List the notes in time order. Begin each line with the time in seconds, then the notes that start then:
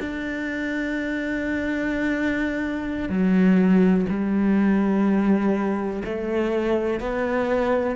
0.00 D4
3.09 F#3
4.09 G3
6.05 A3
7.00 B3